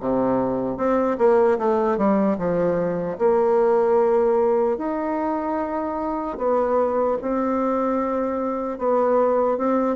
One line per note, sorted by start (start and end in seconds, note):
0.00 0.77 C3
0.77 1.17 C4
1.18 1.58 A#3
1.59 1.97 A3
1.97 2.37 G3
2.38 3.18 F3
3.19 4.78 A#3
4.78 6.37 D#4
6.37 7.17 B3
7.22 8.79 C4
8.79 9.57 B3
9.57 9.96 C4